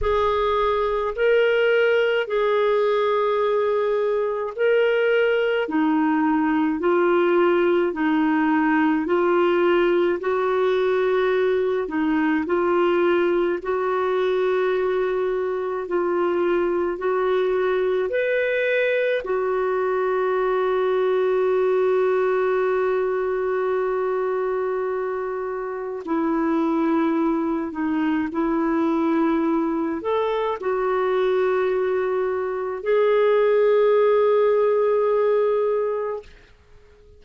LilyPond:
\new Staff \with { instrumentName = "clarinet" } { \time 4/4 \tempo 4 = 53 gis'4 ais'4 gis'2 | ais'4 dis'4 f'4 dis'4 | f'4 fis'4. dis'8 f'4 | fis'2 f'4 fis'4 |
b'4 fis'2.~ | fis'2. e'4~ | e'8 dis'8 e'4. a'8 fis'4~ | fis'4 gis'2. | }